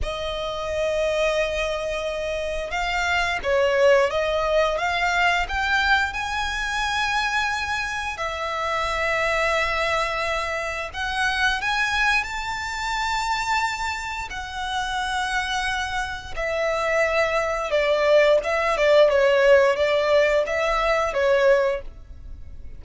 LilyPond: \new Staff \with { instrumentName = "violin" } { \time 4/4 \tempo 4 = 88 dis''1 | f''4 cis''4 dis''4 f''4 | g''4 gis''2. | e''1 |
fis''4 gis''4 a''2~ | a''4 fis''2. | e''2 d''4 e''8 d''8 | cis''4 d''4 e''4 cis''4 | }